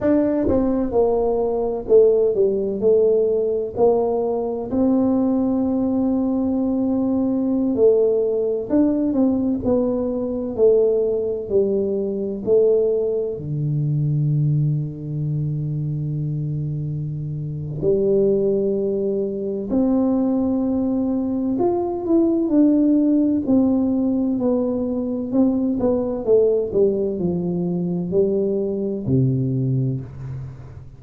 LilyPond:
\new Staff \with { instrumentName = "tuba" } { \time 4/4 \tempo 4 = 64 d'8 c'8 ais4 a8 g8 a4 | ais4 c'2.~ | c'16 a4 d'8 c'8 b4 a8.~ | a16 g4 a4 d4.~ d16~ |
d2. g4~ | g4 c'2 f'8 e'8 | d'4 c'4 b4 c'8 b8 | a8 g8 f4 g4 c4 | }